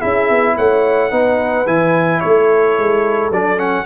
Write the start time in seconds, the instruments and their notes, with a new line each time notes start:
0.00 tuba C#4, trombone E4, horn G#4, trumpet E5
0.30 tuba B3
0.56 tuba A3, horn C#5, trumpet F#5
1.11 tuba B3, trombone D#4, horn B4
1.67 tuba E3, trombone E4, trumpet G#5
2.21 tuba A3, horn A4, trumpet C#5
2.79 tuba G#3
3.31 tuba F#3, trombone D4, trumpet D5
3.57 trombone C#4, trumpet F#5